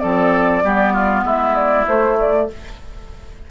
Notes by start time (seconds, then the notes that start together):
0.00 F3 C4 A4 D5
0.64 G3 B3 G4
0.94 F4
1.24 G#3 E4 E5
1.56 D5
1.87 A3 C5
2.20 D5